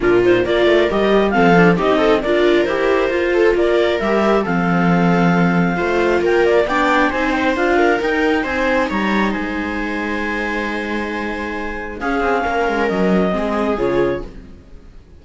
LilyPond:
<<
  \new Staff \with { instrumentName = "clarinet" } { \time 4/4 \tempo 4 = 135 ais'8 c''8 d''4 dis''4 f''4 | dis''4 d''4 c''2 | d''4 e''4 f''2~ | f''2 g''8 d''8 g''4 |
gis''8 g''8 f''4 g''4 gis''4 | ais''4 gis''2.~ | gis''2. f''4~ | f''4 dis''2 cis''4 | }
  \new Staff \with { instrumentName = "viola" } { \time 4/4 f'4 ais'2 a'4 | g'8 a'8 ais'2~ ais'8 a'8 | ais'2 a'2~ | a'4 c''4 ais'4 d''4 |
c''4. ais'4. c''4 | cis''4 c''2.~ | c''2. gis'4 | ais'2 gis'2 | }
  \new Staff \with { instrumentName = "viola" } { \time 4/4 d'8 dis'8 f'4 g'4 c'8 d'8 | dis'4 f'4 g'4 f'4~ | f'4 g'4 c'2~ | c'4 f'2 d'4 |
dis'4 f'4 dis'2~ | dis'1~ | dis'2. cis'4~ | cis'2 c'4 f'4 | }
  \new Staff \with { instrumentName = "cello" } { \time 4/4 ais,4 ais8 a8 g4 f4 | c'4 d'4 e'4 f'4 | ais4 g4 f2~ | f4 a4 ais4 b4 |
c'4 d'4 dis'4 c'4 | g4 gis2.~ | gis2. cis'8 c'8 | ais8 gis8 fis4 gis4 cis4 | }
>>